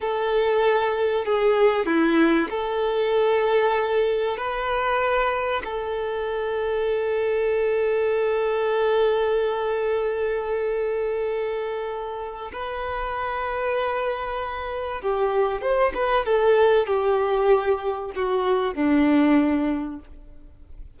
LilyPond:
\new Staff \with { instrumentName = "violin" } { \time 4/4 \tempo 4 = 96 a'2 gis'4 e'4 | a'2. b'4~ | b'4 a'2.~ | a'1~ |
a'1 | b'1 | g'4 c''8 b'8 a'4 g'4~ | g'4 fis'4 d'2 | }